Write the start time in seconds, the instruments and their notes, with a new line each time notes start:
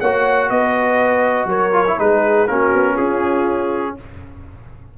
0.00 tuba A#3, trombone F#4, horn C#5, trumpet F#5
0.50 tuba B3, horn B4, trumpet D#5
1.46 tuba F#3, horn A#4, trumpet C#5
1.72 trombone F4
1.87 trombone E4
1.99 tuba G#3, trombone D#4, horn G#4, trumpet B4
2.48 tuba A#3, trombone C#4, horn F#4, trumpet A#4
2.74 tuba B3
2.94 tuba C#4, horn F4, trumpet G#4